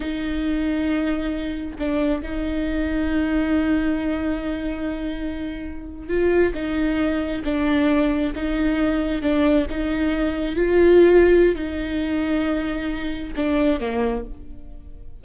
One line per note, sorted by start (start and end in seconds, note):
0.00 1.77 D#4
1.79 2.22 D4
2.22 6.08 D#4
6.08 6.53 F4
6.54 7.42 D#4
7.44 8.33 D4
8.35 9.22 D#4
9.22 9.66 D4
9.69 10.55 D#4
10.55 11.55 F4
11.55 13.33 D#4
13.36 13.79 D4
13.79 14.24 A#3